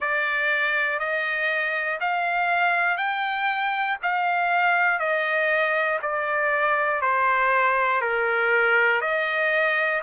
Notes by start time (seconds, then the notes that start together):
0.00 D5
0.99 D#5
2.00 F5
2.97 G5
4.02 F5
4.99 D#5
6.02 D5
7.01 C5
8.01 A#4
9.01 D#5